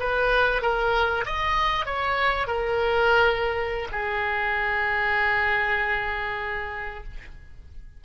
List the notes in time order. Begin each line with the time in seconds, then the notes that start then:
0.00 B4
0.62 A#4
1.26 D#5
1.86 C#5
2.48 A#4
3.92 G#4